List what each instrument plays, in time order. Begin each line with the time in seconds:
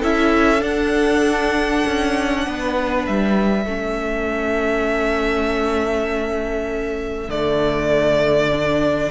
0.00 cello C#4, viola E4, violin A4 E5
0.60 viola D4, cello D4, violin F#5
1.87 cello C#4
2.47 cello B3, violin B4
3.07 cello G3, violin E5
3.66 cello A3, viola C#4, violin A4
7.29 cello D3, viola A3, violin D5
8.53 viola D4